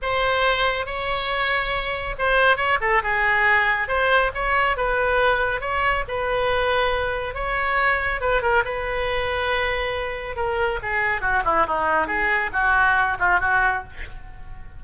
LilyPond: \new Staff \with { instrumentName = "oboe" } { \time 4/4 \tempo 4 = 139 c''2 cis''2~ | cis''4 c''4 cis''8 a'8 gis'4~ | gis'4 c''4 cis''4 b'4~ | b'4 cis''4 b'2~ |
b'4 cis''2 b'8 ais'8 | b'1 | ais'4 gis'4 fis'8 e'8 dis'4 | gis'4 fis'4. f'8 fis'4 | }